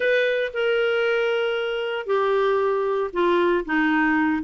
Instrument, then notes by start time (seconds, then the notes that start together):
clarinet
0.00 B4
0.53 A#4
2.06 G4
3.12 F4
3.65 D#4